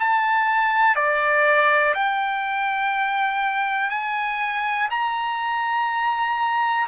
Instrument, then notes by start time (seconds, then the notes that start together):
trumpet
0.00 A5
0.96 D5
1.95 G5
3.91 G#5
4.91 A#5